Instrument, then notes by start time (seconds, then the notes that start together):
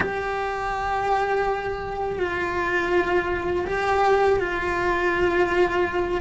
cello
0.00 G4
2.19 F4
3.66 G4
4.39 F4